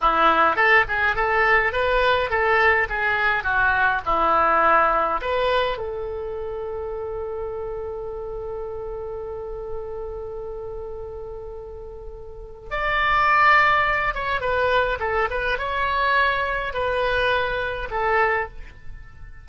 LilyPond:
\new Staff \with { instrumentName = "oboe" } { \time 4/4 \tempo 4 = 104 e'4 a'8 gis'8 a'4 b'4 | a'4 gis'4 fis'4 e'4~ | e'4 b'4 a'2~ | a'1~ |
a'1~ | a'2 d''2~ | d''8 cis''8 b'4 a'8 b'8 cis''4~ | cis''4 b'2 a'4 | }